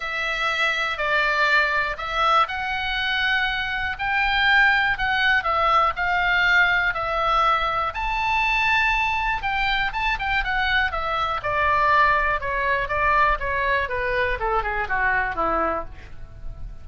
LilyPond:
\new Staff \with { instrumentName = "oboe" } { \time 4/4 \tempo 4 = 121 e''2 d''2 | e''4 fis''2. | g''2 fis''4 e''4 | f''2 e''2 |
a''2. g''4 | a''8 g''8 fis''4 e''4 d''4~ | d''4 cis''4 d''4 cis''4 | b'4 a'8 gis'8 fis'4 e'4 | }